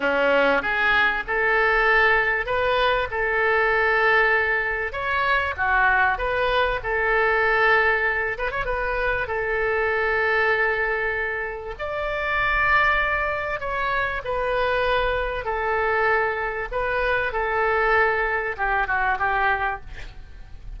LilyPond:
\new Staff \with { instrumentName = "oboe" } { \time 4/4 \tempo 4 = 97 cis'4 gis'4 a'2 | b'4 a'2. | cis''4 fis'4 b'4 a'4~ | a'4. b'16 cis''16 b'4 a'4~ |
a'2. d''4~ | d''2 cis''4 b'4~ | b'4 a'2 b'4 | a'2 g'8 fis'8 g'4 | }